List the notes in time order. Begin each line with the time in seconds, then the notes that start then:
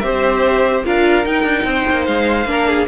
0.00 C4 G4 C5 E5
0.84 D4 F4 A#4 F5
1.23 D#4 G5
1.43 D4
1.64 C4 C5
1.90 A#3
2.06 G#3 F5
2.45 A#3 D4 A#4
2.68 G#4